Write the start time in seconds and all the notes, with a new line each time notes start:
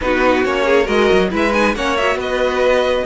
0.01 B3 D#4 F#4 B4
0.44 A#3 C#4 C#5
0.65 G#4
0.84 G#3 F#4 A#4 D#5
1.12 F#3
1.30 G#3 E4 B4 E5
1.53 D#4 G#5
1.75 A#3 C#4 C#5 F#5
1.96 F#4 E5
2.15 B3 B4
2.21 D#5